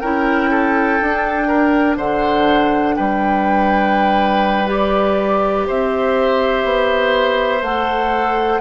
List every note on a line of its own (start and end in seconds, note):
0.00 1.00 C#4
0.00 1.02 E4
0.00 0.50 A#4
0.00 1.97 G5
0.51 1.48 A4
1.02 1.98 D4
1.02 4.66 D4
1.48 1.97 A#4
1.97 2.96 D3
1.97 2.96 C5
1.97 2.96 F#5
2.96 5.69 G3
2.96 5.67 B4
2.96 4.68 G5
4.66 7.61 G4
4.66 5.67 D5
5.67 6.65 C4
5.67 8.61 C5
5.67 7.64 E5
6.65 7.62 B3
7.62 8.60 A3
7.62 8.61 A4
7.62 8.61 F#5